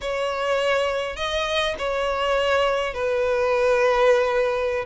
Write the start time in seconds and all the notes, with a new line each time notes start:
0.01 C#5
1.16 D#5
1.78 C#5
2.94 B4